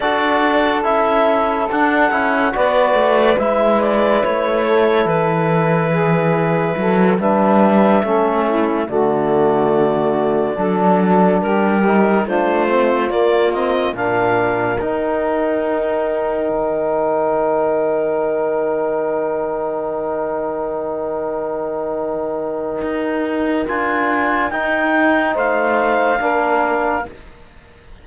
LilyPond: <<
  \new Staff \with { instrumentName = "clarinet" } { \time 4/4 \tempo 4 = 71 d''4 e''4 fis''4 d''4 | e''8 d''8 cis''4 b'2~ | b'8 e''2 d''4.~ | d''4. ais'4 c''4 d''8 |
dis''8 f''4 g''2~ g''8~ | g''1~ | g''1 | gis''4 g''4 f''2 | }
  \new Staff \with { instrumentName = "saxophone" } { \time 4/4 a'2. b'4~ | b'4. a'4. gis'4 | a'8 b'4 a'8 e'8 fis'4.~ | fis'8 a'4 g'4 f'4.~ |
f'8 ais'2.~ ais'8~ | ais'1~ | ais'1~ | ais'2 c''4 ais'4 | }
  \new Staff \with { instrumentName = "trombone" } { \time 4/4 fis'4 e'4 d'8 e'8 fis'4 | e'1~ | e'8 d'4 cis'4 a4.~ | a8 d'4. dis'8 d'8 c'8 ais8 |
c'8 d'4 dis'2~ dis'8~ | dis'1~ | dis'1 | f'4 dis'2 d'4 | }
  \new Staff \with { instrumentName = "cello" } { \time 4/4 d'4 cis'4 d'8 cis'8 b8 a8 | gis4 a4 e2 | fis8 g4 a4 d4.~ | d8 fis4 g4 a4 ais8~ |
ais8 ais,4 dis'2 dis8~ | dis1~ | dis2. dis'4 | d'4 dis'4 a4 ais4 | }
>>